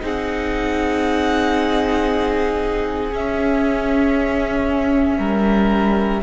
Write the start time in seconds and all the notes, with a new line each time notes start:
0.00 C4 D#4 G#4 F#5
3.12 C#4 E5
5.18 G3 A#4